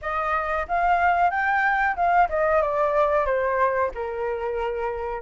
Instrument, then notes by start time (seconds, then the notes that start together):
flute
0.01 D#5
0.68 F5
1.30 G5
1.96 F5
2.29 D#5
2.61 D5
3.25 C5
3.94 A#4